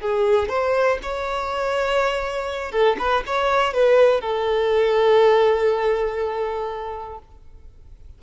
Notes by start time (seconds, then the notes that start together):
0.00 G#4
0.49 C5
1.02 C#5
2.71 A4
2.98 B4
3.26 C#5
3.73 B4
4.21 A4